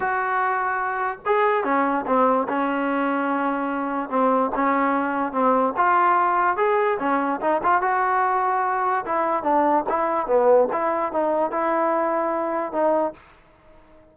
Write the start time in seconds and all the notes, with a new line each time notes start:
0.00 F#4
1.25 G#4
1.64 C#4
2.06 C4
2.48 C#4
4.09 C4
4.55 C#4
5.32 C4
5.76 F4
6.57 G#4
6.99 C#4
7.40 D#4
7.63 F4
7.81 F#4
9.05 E4
9.43 D4
9.89 E4
10.26 B3
10.72 E4
11.12 D#4
11.51 E4
12.72 D#4